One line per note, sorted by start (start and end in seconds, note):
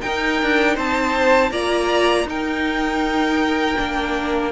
0.00 1.50 D#4
0.00 0.42 D#4
0.00 0.75 A#4
0.00 0.75 G5
0.42 0.76 D4
0.75 1.51 C4
0.75 1.50 C5
0.75 1.52 A5
1.51 2.24 A#3
1.51 2.26 F4
1.51 2.26 D5
1.51 2.27 A#5
2.24 3.74 D#4
2.24 3.75 D#4
2.24 4.51 A#4
2.24 4.51 G5
3.75 4.51 A#3
3.75 4.50 D4